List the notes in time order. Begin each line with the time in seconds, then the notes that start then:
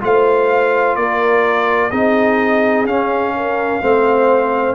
0.00 A3 F4 C5 F5
0.96 A#3 A#4 D5
1.90 C4 D#4 G#4 D#5
2.85 C#4 F5
3.36 A#4
3.81 A3 C4 C5